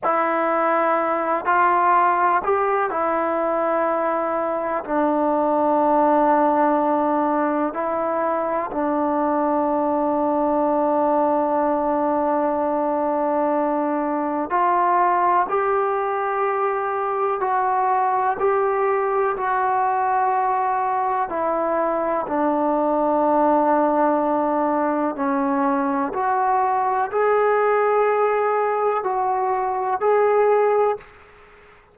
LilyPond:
\new Staff \with { instrumentName = "trombone" } { \time 4/4 \tempo 4 = 62 e'4. f'4 g'8 e'4~ | e'4 d'2. | e'4 d'2.~ | d'2. f'4 |
g'2 fis'4 g'4 | fis'2 e'4 d'4~ | d'2 cis'4 fis'4 | gis'2 fis'4 gis'4 | }